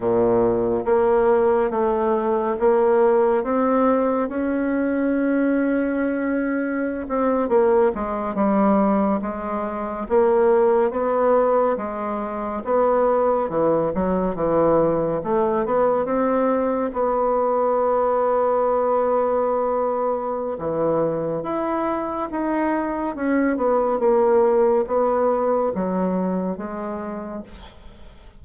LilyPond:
\new Staff \with { instrumentName = "bassoon" } { \time 4/4 \tempo 4 = 70 ais,4 ais4 a4 ais4 | c'4 cis'2.~ | cis'16 c'8 ais8 gis8 g4 gis4 ais16~ | ais8. b4 gis4 b4 e16~ |
e16 fis8 e4 a8 b8 c'4 b16~ | b1 | e4 e'4 dis'4 cis'8 b8 | ais4 b4 fis4 gis4 | }